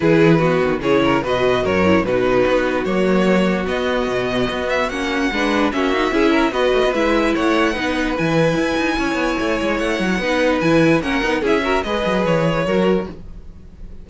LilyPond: <<
  \new Staff \with { instrumentName = "violin" } { \time 4/4 \tempo 4 = 147 b'2 cis''4 dis''4 | cis''4 b'2 cis''4~ | cis''4 dis''2~ dis''8 e''8 | fis''2 e''2 |
dis''4 e''4 fis''2 | gis''1 | fis''2 gis''4 fis''4 | e''4 dis''4 cis''2 | }
  \new Staff \with { instrumentName = "violin" } { \time 4/4 gis'4 fis'4 gis'8 ais'8 b'4 | ais'4 fis'2.~ | fis'1~ | fis'4 b'4 fis'4 gis'8 ais'8 |
b'2 cis''4 b'4~ | b'2 cis''2~ | cis''4 b'2 ais'4 | gis'8 ais'8 b'2 ais'4 | }
  \new Staff \with { instrumentName = "viola" } { \time 4/4 e'4 b4 e'4 fis'4~ | fis'8 e'8 dis'2 ais4~ | ais4 b2. | cis'4 d'4 cis'8 dis'8 e'4 |
fis'4 e'2 dis'4 | e'1~ | e'4 dis'4 e'4 cis'8 dis'8 | e'8 fis'8 gis'2 fis'4 | }
  \new Staff \with { instrumentName = "cello" } { \time 4/4 e4. dis8 cis4 b,4 | fis,4 b,4 b4 fis4~ | fis4 b4 b,4 b4 | ais4 gis4 ais4 cis'4 |
b8 a16 b16 gis4 a4 b4 | e4 e'8 dis'8 cis'8 b8 a8 gis8 | a8 fis8 b4 e4 ais8 b8 | cis'4 gis8 fis8 e4 fis4 | }
>>